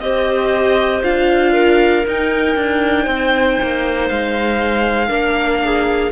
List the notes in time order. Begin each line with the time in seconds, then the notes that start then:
0.00 C4 G4 C5 D#5
1.02 D4 F4 F5
1.53 A#4
2.07 D#4 G5
2.56 D4
3.03 C4 C5
3.62 A#3
4.08 G#3 F5
5.07 A#3 D4 A#4
5.64 G#4